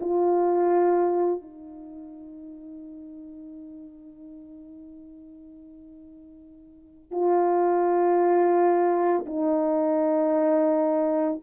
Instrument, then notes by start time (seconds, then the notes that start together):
horn
0.00 F4
1.41 D#4
7.11 F4
9.26 D#4